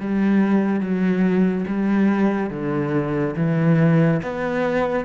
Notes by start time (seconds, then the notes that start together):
0.00 G3
0.80 F#3
1.67 G3
2.50 D3
3.36 E3
4.23 B3